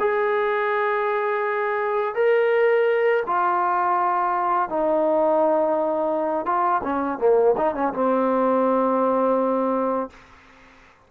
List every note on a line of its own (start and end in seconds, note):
0.00 2.15 G#4
2.15 3.23 A#4
3.27 4.70 F4
4.70 6.46 D#4
6.46 6.82 F4
6.83 7.19 C#4
7.19 7.55 A#3
7.57 7.75 D#4
7.75 7.93 C#4
7.94 10.10 C4